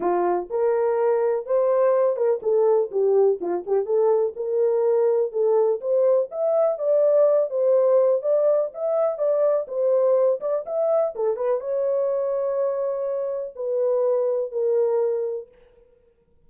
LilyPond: \new Staff \with { instrumentName = "horn" } { \time 4/4 \tempo 4 = 124 f'4 ais'2 c''4~ | c''8 ais'8 a'4 g'4 f'8 g'8 | a'4 ais'2 a'4 | c''4 e''4 d''4. c''8~ |
c''4 d''4 e''4 d''4 | c''4. d''8 e''4 a'8 b'8 | cis''1 | b'2 ais'2 | }